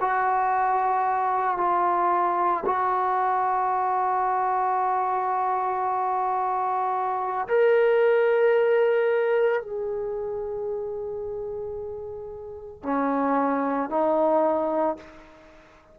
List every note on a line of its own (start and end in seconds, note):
0.00 1.57 F#4
1.57 2.64 F4
2.65 7.47 F#4
7.48 9.61 A#4
9.61 12.82 G#4
12.82 13.89 C#4
13.89 14.97 D#4